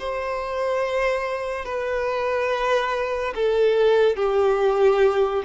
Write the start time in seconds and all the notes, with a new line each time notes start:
0.00 C5
1.66 B4
3.36 A4
4.17 G4